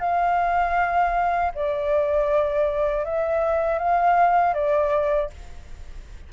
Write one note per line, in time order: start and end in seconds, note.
0.00 1.52 F5
1.55 3.05 D5
3.05 3.79 E5
3.79 4.54 F5
4.54 5.30 D5